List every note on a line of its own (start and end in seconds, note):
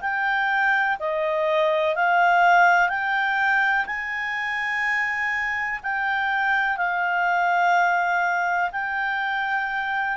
0.00 0.97 G5
0.99 1.95 D#5
1.95 2.89 F5
2.89 3.85 G5
3.86 5.79 G#5
5.82 6.77 G5
6.77 8.71 F5
8.71 10.17 G5